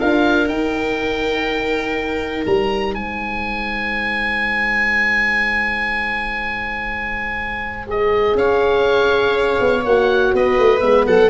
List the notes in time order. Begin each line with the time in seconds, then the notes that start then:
0.00 D4 F4 A#4 F5
0.48 D#4 G5
2.46 G3 A#5
2.95 G#3 C5 G#5
7.87 G#4 D#5
8.35 C#4 C#5 F5
9.60 B3
9.84 A#3 F#4 F#5
10.34 B3 B4 D#5
10.59 A3
10.81 G#3 B3 E5
11.07 F#3 A4 F#5